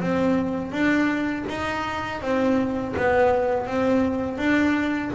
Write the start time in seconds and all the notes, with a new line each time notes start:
0.00 C4
0.72 D4
1.49 D#4
2.21 C4
2.96 B3
3.66 C4
4.37 D4